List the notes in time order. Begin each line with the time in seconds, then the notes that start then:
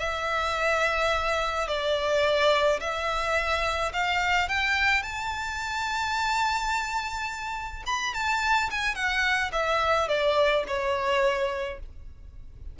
0.00 E5
1.68 D5
2.81 E5
3.93 F5
4.49 G5
5.03 A5
7.87 B5
8.14 A5
8.71 G#5
8.95 F#5
9.53 E5
10.09 D5
10.68 C#5